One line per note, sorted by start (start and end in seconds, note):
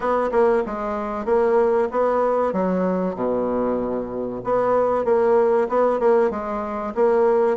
0.00 0.30 B3
0.31 0.63 A#3
0.65 1.25 G#3
1.25 1.88 A#3
1.91 2.52 B3
2.52 3.15 F#3
3.15 4.41 B2
4.44 5.04 B3
5.04 5.68 A#3
5.68 5.99 B3
5.99 6.30 A#3
6.30 6.93 G#3
6.94 7.57 A#3